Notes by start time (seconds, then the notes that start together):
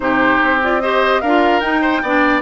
0.00 C3 D#4 G4 C5
0.42 C4
0.62 F4 D5
0.80 G4 C5 D#5
1.20 D4 F4 A#4 F5
1.60 D#4 G5
1.81 C5
2.02 B3 D4 D5